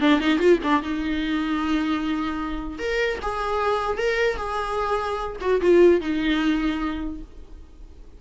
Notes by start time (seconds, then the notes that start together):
0.00 D4
0.20 D#4
0.39 F4
0.63 D4
0.82 D#4
2.78 A#4
3.21 G#4
3.97 A#4
4.36 G#4
5.40 F#4
5.61 F4
6.00 D#4